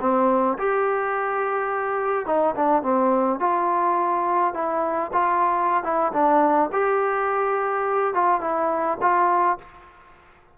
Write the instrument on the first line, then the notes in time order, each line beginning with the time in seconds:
trombone
0.00 C4
0.58 G4
2.26 D#4
2.55 D4
2.82 C4
3.39 F4
4.54 E4
5.12 F4
5.83 E4
6.12 D4
6.72 G4
8.14 F4
8.40 E4
9.01 F4